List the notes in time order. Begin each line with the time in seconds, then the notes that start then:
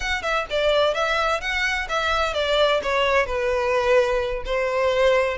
0.00 F#5
0.22 E5
0.50 D5
0.94 E5
1.40 F#5
1.88 E5
2.33 D5
2.82 C#5
3.26 B4
4.45 C5